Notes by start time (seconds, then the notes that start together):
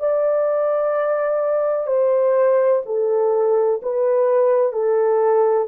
0.00 D5
1.87 C5
2.86 A4
3.83 B4
4.73 A4